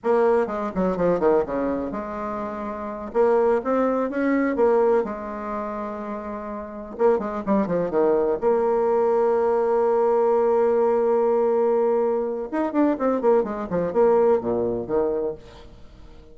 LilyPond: \new Staff \with { instrumentName = "bassoon" } { \time 4/4 \tempo 4 = 125 ais4 gis8 fis8 f8 dis8 cis4 | gis2~ gis8 ais4 c'8~ | c'8 cis'4 ais4 gis4.~ | gis2~ gis8 ais8 gis8 g8 |
f8 dis4 ais2~ ais8~ | ais1~ | ais2 dis'8 d'8 c'8 ais8 | gis8 f8 ais4 ais,4 dis4 | }